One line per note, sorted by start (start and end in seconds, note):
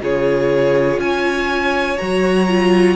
0.00 0.98 C#3
0.00 1.97 F4
0.00 1.01 G#4
0.00 1.00 C#5
0.98 1.97 C#4
0.98 2.96 C#5
0.98 1.98 G#5
1.98 2.96 F#3
1.98 2.48 F#4
1.98 2.96 A#5
2.48 2.96 F4